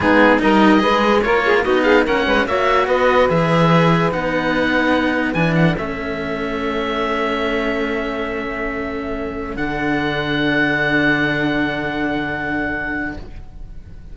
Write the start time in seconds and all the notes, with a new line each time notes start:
0.00 G#3 B3 D#4 G#4
0.39 G3 D#4 A#4 D#5
0.79 G#3 G#4 B4
1.21 A#3 F4 A#4 C#5
1.45 G#4
1.62 B3 D#4 F#4 D#5
1.82 G#4 F5
2.04 A#3 C#4 A#4 F#5
2.26 G#3 B4
2.45 A#3 F#4 C#5 E5
2.86 B3 B4 D#5
3.29 E3 G#4 E5
4.11 B3 D#4 F#5
5.33 E3 D4 G#5
5.53 A4 F#5
5.77 A3 C#4 E5
9.55 D3 D4 F#5